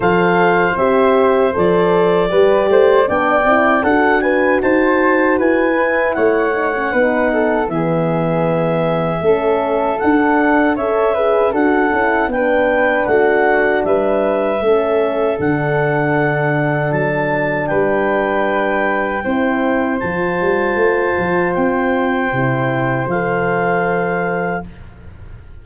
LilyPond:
<<
  \new Staff \with { instrumentName = "clarinet" } { \time 4/4 \tempo 4 = 78 f''4 e''4 d''2 | g''4 fis''8 gis''8 a''4 gis''4 | fis''2 e''2~ | e''4 fis''4 e''4 fis''4 |
g''4 fis''4 e''2 | fis''2 a''4 g''4~ | g''2 a''2 | g''2 f''2 | }
  \new Staff \with { instrumentName = "flute" } { \time 4/4 c''2. b'8 c''8 | d''4 a'8 b'8 c''4 b'4 | cis''4 b'8 a'8 gis'2 | a'2 cis''8 b'8 a'4 |
b'4 fis'4 b'4 a'4~ | a'2. b'4~ | b'4 c''2.~ | c''1 | }
  \new Staff \with { instrumentName = "horn" } { \time 4/4 a'4 g'4 a'4 g'4 | d'8 e'8 fis'2~ fis'8 e'8~ | e'8 dis'16 cis'16 dis'4 b2 | cis'4 d'4 a'8 gis'8 fis'8 e'8 |
d'2. cis'4 | d'1~ | d'4 e'4 f'2~ | f'4 e'4 a'2 | }
  \new Staff \with { instrumentName = "tuba" } { \time 4/4 f4 c'4 f4 g8 a8 | b8 c'8 d'4 dis'4 e'4 | a4 b4 e2 | a4 d'4 cis'4 d'8 cis'8 |
b4 a4 g4 a4 | d2 fis4 g4~ | g4 c'4 f8 g8 a8 f8 | c'4 c4 f2 | }
>>